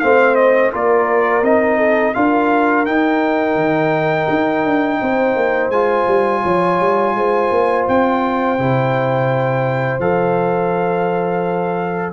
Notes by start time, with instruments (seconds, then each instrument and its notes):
0.00 tuba A3, trombone C4, horn C5, trumpet F5
0.35 trumpet D#5
0.73 tuba A#3, trombone F4, horn A#4, trumpet D5
1.43 tuba C4, trombone D#4, trumpet D#5
1.78 horn A4
2.15 tuba D4, trombone F4, horn A#4, trumpet F5
2.86 tuba D#4, trombone D#4, trumpet G5
3.55 tuba D#3
4.30 tuba D#4
4.65 tuba D4
5.02 tuba C4, horn C5
5.36 tuba A#3
5.69 tuba G#3, trombone F4, trumpet G#5
6.08 tuba G3
6.43 tuba F3, horn C#5
6.81 tuba G3
7.15 tuba G#3, horn C5
7.51 tuba A#3
7.89 tuba C4, trumpet G5
8.59 tuba C3, trombone E4
9.99 tuba F3, trombone A4, trumpet F5